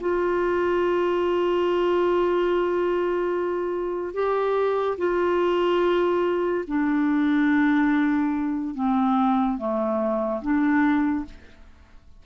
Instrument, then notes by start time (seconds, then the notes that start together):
clarinet
0.00 F4
4.14 G4
4.98 F4
6.67 D4
8.75 C4
9.58 A3
10.41 D4